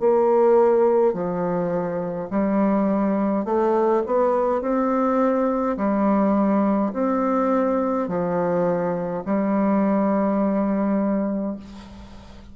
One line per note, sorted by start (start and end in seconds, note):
0.00 1.14 A#3
1.14 2.29 F3
2.31 3.45 G3
3.45 4.03 A3
4.06 4.62 B3
4.62 5.77 C4
5.77 6.92 G3
6.93 8.08 C4
8.08 9.24 F3
9.26 11.56 G3